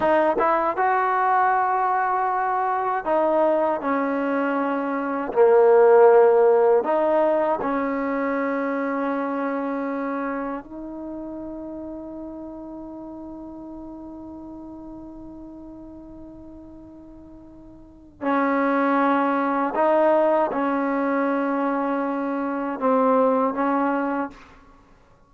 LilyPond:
\new Staff \with { instrumentName = "trombone" } { \time 4/4 \tempo 4 = 79 dis'8 e'8 fis'2. | dis'4 cis'2 ais4~ | ais4 dis'4 cis'2~ | cis'2 dis'2~ |
dis'1~ | dis'1 | cis'2 dis'4 cis'4~ | cis'2 c'4 cis'4 | }